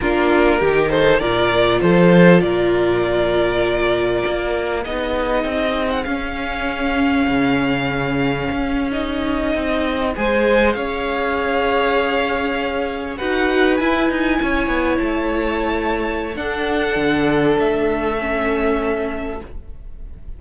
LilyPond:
<<
  \new Staff \with { instrumentName = "violin" } { \time 4/4 \tempo 4 = 99 ais'4. c''8 d''4 c''4 | d''1 | dis''4.~ dis''16 fis''16 f''2~ | f''2~ f''8. dis''4~ dis''16~ |
dis''8. gis''4 f''2~ f''16~ | f''4.~ f''16 fis''4 gis''4~ gis''16~ | gis''8. a''2~ a''16 fis''4~ | fis''4 e''2. | }
  \new Staff \with { instrumentName = "violin" } { \time 4/4 f'4 g'8 a'8 ais'4 a'4 | ais'1 | gis'1~ | gis'1~ |
gis'8. c''4 cis''2~ cis''16~ | cis''4.~ cis''16 b'2 cis''16~ | cis''2. a'4~ | a'1 | }
  \new Staff \with { instrumentName = "viola" } { \time 4/4 d'4 dis'4 f'2~ | f'1 | dis'2 cis'2~ | cis'2~ cis'8. dis'4~ dis'16~ |
dis'8. gis'2.~ gis'16~ | gis'4.~ gis'16 fis'4 e'4~ e'16~ | e'2. d'4~ | d'2 cis'2 | }
  \new Staff \with { instrumentName = "cello" } { \time 4/4 ais4 dis4 ais,4 f4 | ais,2. ais4 | b4 c'4 cis'2 | cis2 cis'4.~ cis'16 c'16~ |
c'8. gis4 cis'2~ cis'16~ | cis'4.~ cis'16 dis'4 e'8 dis'8 cis'16~ | cis'16 b8 a2~ a16 d'4 | d4 a2. | }
>>